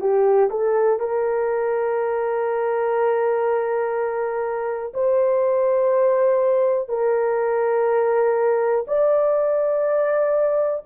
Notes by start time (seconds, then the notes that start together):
0.00 G4
0.50 A4
0.99 A#4
4.94 C5
6.88 A#4
8.87 D5